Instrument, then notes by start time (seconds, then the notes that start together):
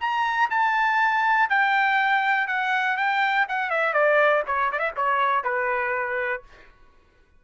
trumpet
0.00 A#5
0.50 A5
1.49 G5
2.47 F#5
2.97 G5
3.49 F#5
3.70 E5
3.94 D5
4.47 C#5
4.72 D5
4.79 E5
4.96 C#5
5.44 B4